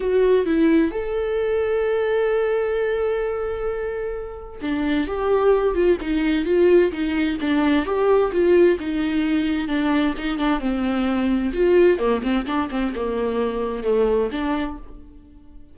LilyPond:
\new Staff \with { instrumentName = "viola" } { \time 4/4 \tempo 4 = 130 fis'4 e'4 a'2~ | a'1~ | a'2 d'4 g'4~ | g'8 f'8 dis'4 f'4 dis'4 |
d'4 g'4 f'4 dis'4~ | dis'4 d'4 dis'8 d'8 c'4~ | c'4 f'4 ais8 c'8 d'8 c'8 | ais2 a4 d'4 | }